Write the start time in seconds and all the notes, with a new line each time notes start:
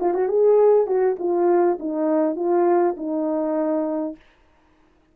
0.00 F4
0.14 F#4
0.28 G#4
0.86 F#4
1.19 F4
1.79 D#4
2.36 F4
2.97 D#4